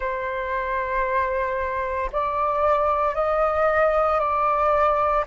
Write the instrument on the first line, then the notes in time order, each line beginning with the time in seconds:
flute
0.00 C5
2.11 D5
3.14 D#5
4.19 D5